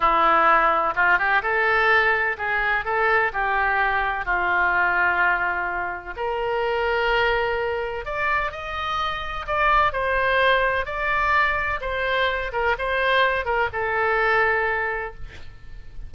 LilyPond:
\new Staff \with { instrumentName = "oboe" } { \time 4/4 \tempo 4 = 127 e'2 f'8 g'8 a'4~ | a'4 gis'4 a'4 g'4~ | g'4 f'2.~ | f'4 ais'2.~ |
ais'4 d''4 dis''2 | d''4 c''2 d''4~ | d''4 c''4. ais'8 c''4~ | c''8 ais'8 a'2. | }